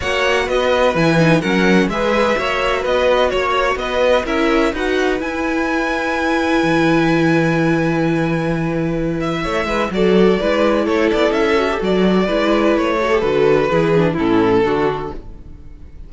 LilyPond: <<
  \new Staff \with { instrumentName = "violin" } { \time 4/4 \tempo 4 = 127 fis''4 dis''4 gis''4 fis''4 | e''2 dis''4 cis''4 | dis''4 e''4 fis''4 gis''4~ | gis''1~ |
gis''2.~ gis''8 e''8~ | e''4 d''2 cis''8 d''8 | e''4 d''2 cis''4 | b'2 a'2 | }
  \new Staff \with { instrumentName = "violin" } { \time 4/4 cis''4 b'2 ais'4 | b'4 cis''4 b'4 cis''4 | b'4 ais'4 b'2~ | b'1~ |
b'1 | cis''8 b'8 a'4 b'4 a'4~ | a'2 b'4. a'8~ | a'4 gis'4 e'4 fis'4 | }
  \new Staff \with { instrumentName = "viola" } { \time 4/4 fis'2 e'8 dis'8 cis'4 | gis'4 fis'2.~ | fis'4 e'4 fis'4 e'4~ | e'1~ |
e'1~ | e'4 fis'4 e'2~ | e'8 fis'16 g'16 fis'4 e'4. fis'16 g'16 | fis'4 e'8 d'8 cis'4 d'4 | }
  \new Staff \with { instrumentName = "cello" } { \time 4/4 ais4 b4 e4 fis4 | gis4 ais4 b4 ais4 | b4 cis'4 dis'4 e'4~ | e'2 e2~ |
e1 | a8 gis8 fis4 gis4 a8 b8 | cis'4 fis4 gis4 a4 | d4 e4 a,4 d4 | }
>>